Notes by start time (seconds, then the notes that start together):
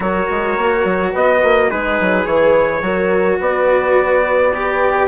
0.00 F#3 F#4 A#4 C#5
0.30 G#3
0.57 A#3
0.84 F#3
1.12 B3 B4 D#5
1.43 A#3
1.69 G#3 D#4 G#4 B4
2.00 F#3
2.25 E3 B4 C#5
2.81 F#3 F#4 A#4
3.40 B3 B4 D5
4.54 G4